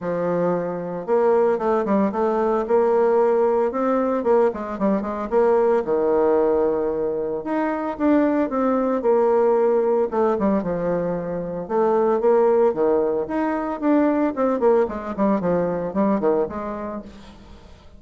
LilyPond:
\new Staff \with { instrumentName = "bassoon" } { \time 4/4 \tempo 4 = 113 f2 ais4 a8 g8 | a4 ais2 c'4 | ais8 gis8 g8 gis8 ais4 dis4~ | dis2 dis'4 d'4 |
c'4 ais2 a8 g8 | f2 a4 ais4 | dis4 dis'4 d'4 c'8 ais8 | gis8 g8 f4 g8 dis8 gis4 | }